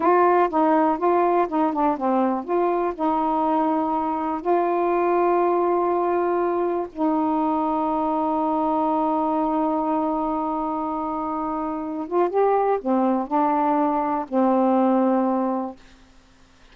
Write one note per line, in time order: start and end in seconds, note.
0.00 0.49 F4
0.49 0.97 D#4
0.97 1.47 F4
1.48 1.72 D#4
1.73 1.97 D4
1.97 2.44 C4
2.44 2.93 F4
2.94 4.41 D#4
4.41 6.87 F4
6.92 12.07 D#4
12.07 12.29 F4
12.29 12.78 G4
12.81 13.27 C4
13.27 14.25 D4
14.28 15.76 C4